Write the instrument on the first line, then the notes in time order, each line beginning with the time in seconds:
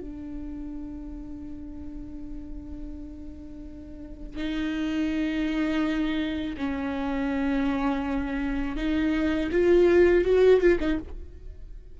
viola
0.00 D4
4.36 D#4
6.57 C#4
8.76 D#4
9.51 F4
10.24 F#4
10.60 F4
10.80 D#4